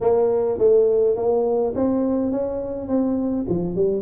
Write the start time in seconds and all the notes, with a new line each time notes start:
0.00 A#3
0.58 A3
1.16 A#3
1.75 C4
2.31 C#4
2.88 C4
3.48 F3
3.75 G3